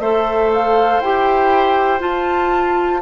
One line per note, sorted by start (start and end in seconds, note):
0.00 1.00 A3
0.00 1.02 A4
0.00 3.01 C5
0.00 0.50 E5
0.54 1.01 F5
1.01 2.01 E4
1.01 2.00 G4
1.01 2.01 G5
2.00 3.00 F4
2.00 3.02 F4
2.00 3.02 A5